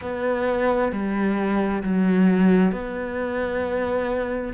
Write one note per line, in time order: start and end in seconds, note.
0.01 0.92 B3
0.92 1.83 G3
1.83 2.72 F#3
2.72 4.53 B3